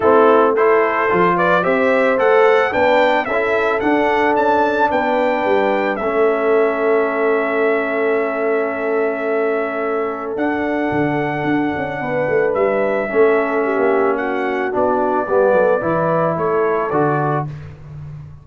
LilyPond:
<<
  \new Staff \with { instrumentName = "trumpet" } { \time 4/4 \tempo 4 = 110 a'4 c''4. d''8 e''4 | fis''4 g''4 e''4 fis''4 | a''4 g''2 e''4~ | e''1~ |
e''2. fis''4~ | fis''2. e''4~ | e''2 fis''4 d''4~ | d''2 cis''4 d''4 | }
  \new Staff \with { instrumentName = "horn" } { \time 4/4 e'4 a'4. b'8 c''4~ | c''4 b'4 a'2~ | a'4 b'2 a'4~ | a'1~ |
a'1~ | a'2 b'2 | a'4 g'4 fis'2 | g'8 a'8 b'4 a'2 | }
  \new Staff \with { instrumentName = "trombone" } { \time 4/4 c'4 e'4 f'4 g'4 | a'4 d'4 e'4 d'4~ | d'2. cis'4~ | cis'1~ |
cis'2. d'4~ | d'1 | cis'2. d'4 | b4 e'2 fis'4 | }
  \new Staff \with { instrumentName = "tuba" } { \time 4/4 a2 f4 c'4 | a4 b4 cis'4 d'4 | cis'4 b4 g4 a4~ | a1~ |
a2. d'4 | d4 d'8 cis'8 b8 a8 g4 | a4~ a16 ais4.~ ais16 b4 | g8 fis8 e4 a4 d4 | }
>>